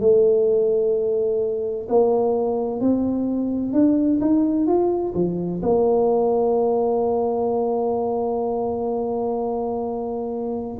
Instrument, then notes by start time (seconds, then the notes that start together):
tuba
0.00 A3
1.89 A#3
2.80 C4
3.73 D4
4.21 D#4
4.67 F4
5.15 F3
5.62 A#3